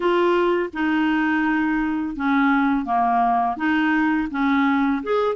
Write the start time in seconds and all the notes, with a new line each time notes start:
0.00 F4
0.73 D#4
2.16 C#4
2.85 A#3
3.56 D#4
4.31 C#4
5.03 G#4